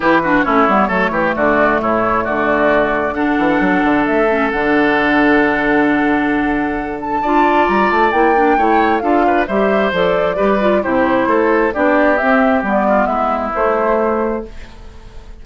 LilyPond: <<
  \new Staff \with { instrumentName = "flute" } { \time 4/4 \tempo 4 = 133 b'4 cis''2 d''4 | cis''4 d''2 fis''4~ | fis''4 e''4 fis''2~ | fis''2.~ fis''8 a''8~ |
a''4 ais''8 a''8 g''2 | f''4 e''4 d''2 | c''2 d''4 e''4 | d''4 e''4 c''2 | }
  \new Staff \with { instrumentName = "oboe" } { \time 4/4 g'8 fis'8 e'4 a'8 g'8 fis'4 | e'4 fis'2 a'4~ | a'1~ | a'1 |
d''2. cis''4 | a'8 b'8 c''2 b'4 | g'4 a'4 g'2~ | g'8 f'8 e'2. | }
  \new Staff \with { instrumentName = "clarinet" } { \time 4/4 e'8 d'8 cis'8 b8 a2~ | a2. d'4~ | d'4. cis'8 d'2~ | d'1 |
f'2 e'8 d'8 e'4 | f'4 g'4 a'4 g'8 f'8 | e'2 d'4 c'4 | b2 a2 | }
  \new Staff \with { instrumentName = "bassoon" } { \time 4/4 e4 a8 g8 fis8 e8 d4 | a,4 d2~ d8 e8 | fis8 d8 a4 d2~ | d1 |
d'4 g8 a8 ais4 a4 | d'4 g4 f4 g4 | c4 a4 b4 c'4 | g4 gis4 a2 | }
>>